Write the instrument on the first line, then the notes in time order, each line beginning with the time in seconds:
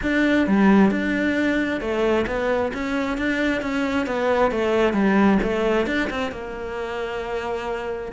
cello
0.02 D4
0.47 G3
0.90 D4
1.80 A3
2.27 B3
2.73 C#4
3.17 D4
3.61 C#4
4.06 B3
4.51 A3
4.93 G3
5.42 A3
5.86 D4
6.10 C4
6.31 A#3